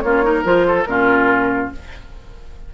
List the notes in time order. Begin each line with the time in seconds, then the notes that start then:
0.00 A#3 C#4 F4 C#5
0.22 D#4 A#4
0.44 F3 F4 C5
0.67 A4
0.84 A#2 C#4 F4 A#4